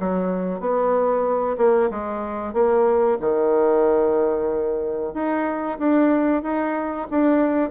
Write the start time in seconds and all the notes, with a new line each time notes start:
0.00 F#3
0.60 B3
1.58 A#3
1.90 G#3
2.54 A#3
3.21 D#3
5.14 D#4
5.79 D4
6.43 D#4
7.11 D4